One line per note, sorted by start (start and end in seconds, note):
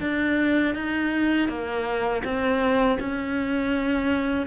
0.00 0.74 D4
0.74 1.48 D#4
1.48 2.22 A#3
2.24 2.98 C4
2.99 4.46 C#4